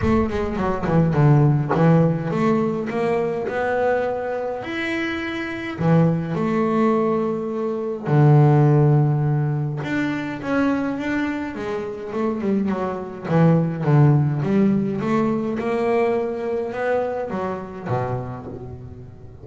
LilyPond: \new Staff \with { instrumentName = "double bass" } { \time 4/4 \tempo 4 = 104 a8 gis8 fis8 e8 d4 e4 | a4 ais4 b2 | e'2 e4 a4~ | a2 d2~ |
d4 d'4 cis'4 d'4 | gis4 a8 g8 fis4 e4 | d4 g4 a4 ais4~ | ais4 b4 fis4 b,4 | }